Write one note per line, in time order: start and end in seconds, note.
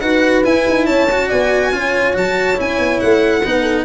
0.00 0.43 D#4
0.00 0.44 F#4
0.00 0.86 B4
0.00 0.43 F#5
0.44 1.08 E4
0.44 0.66 E4
0.44 0.86 G#5
0.70 0.89 D#4
0.86 1.31 C#4
0.86 1.28 C#5
0.86 1.29 A5
1.11 1.73 F#4
1.28 1.72 B3
1.28 1.71 D5
1.28 2.15 G#5
1.72 2.14 C#4
1.72 2.13 F4
1.72 3.42 C#5
2.13 2.59 F#3
2.13 2.56 F#4
2.13 2.60 A5
2.56 2.78 C#4
2.56 3.41 E4
2.56 3.00 G#5
2.78 3.00 B3
3.00 3.45 A3
3.00 3.85 F#5
3.43 3.85 B3
3.43 3.85 D#4
3.43 3.62 B4
3.62 3.83 A4